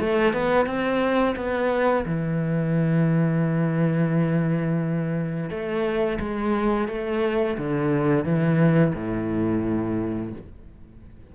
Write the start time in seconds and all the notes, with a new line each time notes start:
0.00 A3
0.34 B3
0.66 C4
1.36 B3
2.06 E3
5.50 A3
6.20 G#3
6.88 A3
7.58 D3
8.25 E3
8.95 A2